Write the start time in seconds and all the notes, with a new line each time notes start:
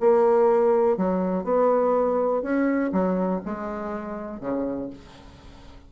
0.00 A#3
0.98 F#3
1.44 B3
2.43 C#4
2.93 F#3
3.46 G#3
4.41 C#3